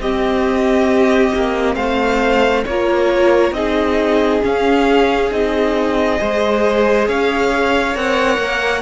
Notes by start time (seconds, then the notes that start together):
0.00 C4 G4 D#5
1.35 A#3
1.76 A3 C5 F5
2.66 A#3 F4 A#4 C#5
3.52 C4 D#4 G#4 D#5
4.42 C#4 F5
5.31 C4 D#4 D#5
6.19 G#3 G#4 C5
7.08 C#4 C#5 F5
7.94 C4 A#4 F#5
8.38 A#3